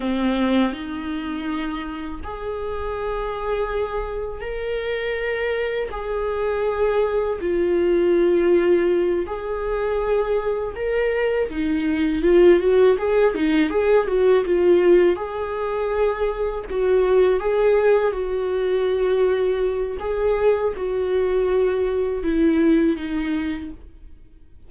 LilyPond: \new Staff \with { instrumentName = "viola" } { \time 4/4 \tempo 4 = 81 c'4 dis'2 gis'4~ | gis'2 ais'2 | gis'2 f'2~ | f'8 gis'2 ais'4 dis'8~ |
dis'8 f'8 fis'8 gis'8 dis'8 gis'8 fis'8 f'8~ | f'8 gis'2 fis'4 gis'8~ | gis'8 fis'2~ fis'8 gis'4 | fis'2 e'4 dis'4 | }